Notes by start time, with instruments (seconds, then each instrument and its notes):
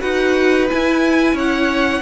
0.00 cello D#4, viola F#4, violin B4 F#5
0.68 viola E4, cello E4, violin G#5
1.33 cello C#4, violin C#5 F#5